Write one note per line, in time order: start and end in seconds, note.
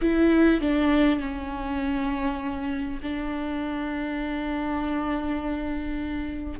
0.01 0.61 E4
0.61 1.19 D4
1.19 2.99 C#4
3.02 6.60 D4